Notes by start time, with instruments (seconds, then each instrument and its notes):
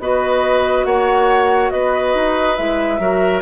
0.00 bassoon B3, clarinet F#4, oboe B4, flute D#5
0.85 bassoon A#3, oboe C#5, flute F#5
1.71 bassoon B3, oboe B4, flute D#5
2.14 bassoon D#4
2.56 bassoon G#3, clarinet E4, flute E5
2.99 bassoon F#3, clarinet F#4, oboe A#4